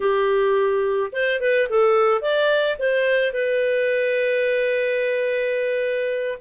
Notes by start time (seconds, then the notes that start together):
0.00 G4
1.12 C5
1.40 B4
1.69 A4
2.21 D5
2.78 C5
3.33 B4